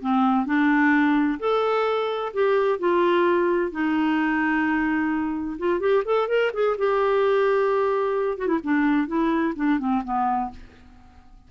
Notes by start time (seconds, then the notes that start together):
0.00 C4
0.45 D4
1.39 A4
2.33 G4
2.79 F4
3.71 D#4
5.58 F4
5.80 G4
6.04 A4
6.28 A#4
6.53 G#4
6.77 G4
8.37 F#4
8.47 E4
8.63 D4
9.07 E4
9.55 D4
9.79 C4
10.04 B3